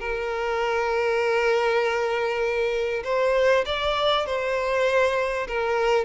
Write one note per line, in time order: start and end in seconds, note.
0.00 3.03 A#4
3.04 3.65 C5
3.66 4.26 D5
4.26 5.47 C5
5.48 6.05 A#4